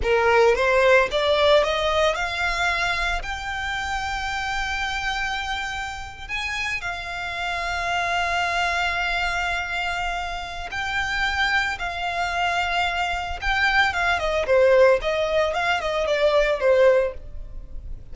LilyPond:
\new Staff \with { instrumentName = "violin" } { \time 4/4 \tempo 4 = 112 ais'4 c''4 d''4 dis''4 | f''2 g''2~ | g''2.~ g''8. gis''16~ | gis''8. f''2.~ f''16~ |
f''1 | g''2 f''2~ | f''4 g''4 f''8 dis''8 c''4 | dis''4 f''8 dis''8 d''4 c''4 | }